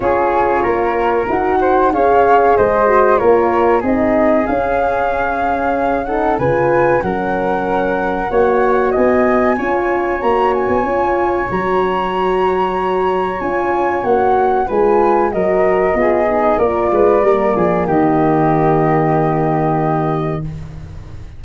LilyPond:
<<
  \new Staff \with { instrumentName = "flute" } { \time 4/4 \tempo 4 = 94 cis''2 fis''4 f''4 | dis''4 cis''4 dis''4 f''4~ | f''4. fis''8 gis''4 fis''4~ | fis''2 gis''2 |
ais''8 gis''4. ais''2~ | ais''4 gis''4 fis''4 gis''4 | dis''2 d''2 | dis''1 | }
  \new Staff \with { instrumentName = "flute" } { \time 4/4 gis'4 ais'4. c''8 cis''4 | c''4 ais'4 gis'2~ | gis'4. a'8 b'4 ais'4~ | ais'4 cis''4 dis''4 cis''4~ |
cis''1~ | cis''2. b'4 | ais'4 gis'4 ais'8 b'8 ais'8 gis'8 | g'1 | }
  \new Staff \with { instrumentName = "horn" } { \time 4/4 f'2 fis'4 gis'4~ | gis'8 fis'8 f'4 dis'4 cis'4~ | cis'4. dis'8 f'4 cis'4~ | cis'4 fis'2 f'4 |
fis'4 f'4 fis'2~ | fis'4 f'4 fis'4 f'4 | fis'4 f'8 dis'8 f'4 ais4~ | ais1 | }
  \new Staff \with { instrumentName = "tuba" } { \time 4/4 cis'4 ais4 dis'4 cis'4 | gis4 ais4 c'4 cis'4~ | cis'2 cis4 fis4~ | fis4 ais4 b4 cis'4 |
ais8. b16 cis'4 fis2~ | fis4 cis'4 ais4 gis4 | fis4 b4 ais8 gis8 g8 f8 | dis1 | }
>>